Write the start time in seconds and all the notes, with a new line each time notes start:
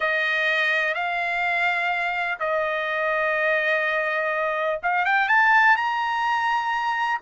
0.00 D#5
0.94 F5
2.39 D#5
4.82 F5
5.05 G5
5.28 A5
5.76 A#5